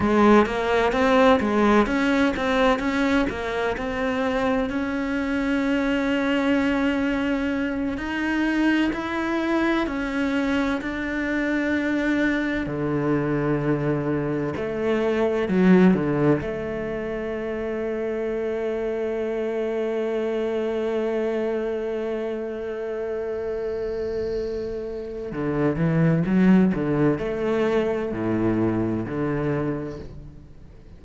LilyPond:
\new Staff \with { instrumentName = "cello" } { \time 4/4 \tempo 4 = 64 gis8 ais8 c'8 gis8 cis'8 c'8 cis'8 ais8 | c'4 cis'2.~ | cis'8 dis'4 e'4 cis'4 d'8~ | d'4. d2 a8~ |
a8 fis8 d8 a2~ a8~ | a1~ | a2. d8 e8 | fis8 d8 a4 a,4 d4 | }